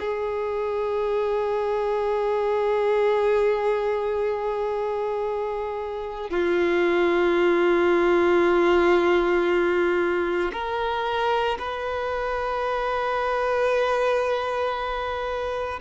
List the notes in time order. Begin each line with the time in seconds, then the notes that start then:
0.00 G#4
6.30 F4
10.53 A#4
11.59 B4